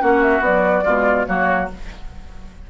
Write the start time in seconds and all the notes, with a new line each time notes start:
0.00 A#3 C#4 F#4 F#5
0.23 E5
0.40 F#3 B3 D5
0.84 B2 G#3 F4
1.26 F#3 A#3 F#4 C#5